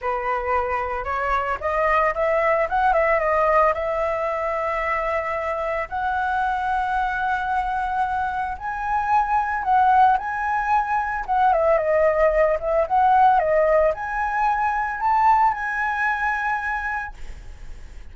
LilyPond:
\new Staff \with { instrumentName = "flute" } { \time 4/4 \tempo 4 = 112 b'2 cis''4 dis''4 | e''4 fis''8 e''8 dis''4 e''4~ | e''2. fis''4~ | fis''1 |
gis''2 fis''4 gis''4~ | gis''4 fis''8 e''8 dis''4. e''8 | fis''4 dis''4 gis''2 | a''4 gis''2. | }